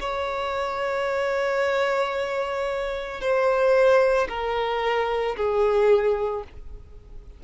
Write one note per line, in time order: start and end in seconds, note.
0.00 3.20 C#5
3.20 4.28 C5
4.29 5.36 A#4
5.36 6.43 G#4